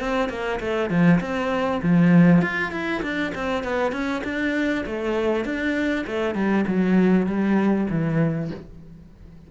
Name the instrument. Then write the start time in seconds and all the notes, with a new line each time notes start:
cello
0.00 C4
0.29 A#3
0.60 A3
0.90 F3
1.20 C4
1.82 F3
2.42 F4
2.72 E4
3.02 D4
3.34 C4
3.63 B3
3.92 C#4
4.24 D4
4.86 A3
5.45 D4
6.07 A3
6.34 G3
6.67 F#3
7.26 G3
7.90 E3